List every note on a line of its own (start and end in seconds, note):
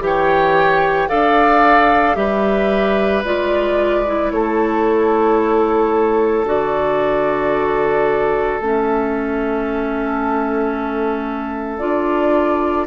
0.00 1.07 E3
0.00 1.09 G4
0.00 1.09 G5
0.06 1.09 C#5
1.09 2.16 D4
1.09 2.16 A4
1.09 2.16 D5
1.09 2.16 F5
2.16 3.23 G3
2.16 3.23 G4
2.16 4.33 B4
2.16 3.23 E5
3.24 4.31 G#3
3.24 4.05 F4
3.24 4.31 D5
4.06 6.46 E4
4.31 6.44 A3
4.31 12.87 A4
4.31 6.46 C#5
6.44 8.59 D3
6.44 8.60 F#4
6.44 8.60 D5
8.60 11.81 A3
8.60 11.79 C#4
8.60 11.79 E5
11.79 12.87 D4
11.79 12.87 F4
11.79 12.86 D5